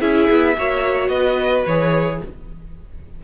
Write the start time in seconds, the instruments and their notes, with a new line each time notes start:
0.00 cello C#4, viola E4, violin G#4 E5
0.30 cello B3
0.58 cello A#3, viola F#4, violin C#5
1.09 cello B3, violin B4 D#5
1.67 cello E3, viola G#4, violin C#5